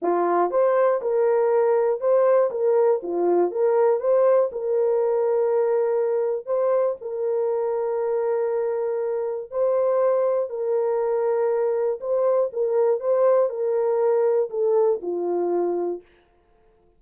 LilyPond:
\new Staff \with { instrumentName = "horn" } { \time 4/4 \tempo 4 = 120 f'4 c''4 ais'2 | c''4 ais'4 f'4 ais'4 | c''4 ais'2.~ | ais'4 c''4 ais'2~ |
ais'2. c''4~ | c''4 ais'2. | c''4 ais'4 c''4 ais'4~ | ais'4 a'4 f'2 | }